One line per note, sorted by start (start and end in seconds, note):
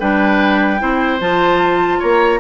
0.00 0.81 G3
0.00 0.79 D4
0.00 0.81 B4
0.00 1.21 G5
0.79 1.20 C4
0.79 1.19 E4
0.79 1.99 C5
1.20 2.01 F3
1.20 2.41 F4
1.20 2.01 A5
1.99 2.41 A#3
1.99 2.39 C#5
1.99 2.41 A#5